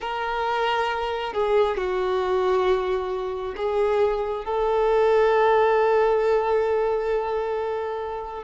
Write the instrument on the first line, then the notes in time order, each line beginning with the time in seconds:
violin
0.00 A#4
1.33 G#4
1.77 F#4
3.56 G#4
4.44 A4